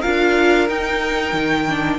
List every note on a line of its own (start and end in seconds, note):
0.00 0.68 D4
0.00 0.68 F4
0.00 1.98 A#4
0.00 0.68 F5
0.68 1.67 D#4
0.68 1.33 D#4
0.68 1.99 G5
1.33 1.98 D#3
1.68 1.99 D4